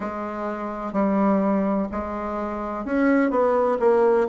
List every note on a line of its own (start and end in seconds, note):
0.00 0.92 G#3
0.92 1.87 G3
1.91 2.85 G#3
2.85 3.30 C#4
3.30 3.78 B3
3.79 4.27 A#3